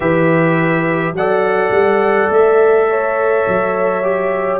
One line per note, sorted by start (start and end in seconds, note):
0.00 1.12 E3
0.00 1.14 G4
0.00 1.15 B4
0.00 1.14 E5
1.12 1.69 F#3
1.12 4.02 A4
1.12 2.90 D5
1.12 2.31 F#5
1.70 2.28 G3
2.29 3.45 A3
2.29 4.60 E5
2.90 4.60 C#5
3.47 4.60 F#3
4.02 4.60 G4